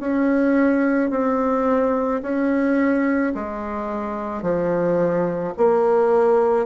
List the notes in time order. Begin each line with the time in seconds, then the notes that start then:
0.00 C#4
1.10 C4
2.22 C#4
3.35 G#3
4.42 F3
5.58 A#3